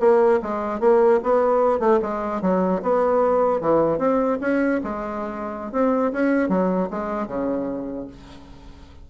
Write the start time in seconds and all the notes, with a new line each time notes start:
0.00 A#3
0.42 G#3
0.80 A#3
1.23 B3
1.79 A3
2.02 G#3
2.41 F#3
2.82 B3
3.61 E3
3.98 C4
4.41 C#4
4.83 G#3
5.72 C4
6.12 C#4
6.49 F#3
6.90 G#3
7.27 C#3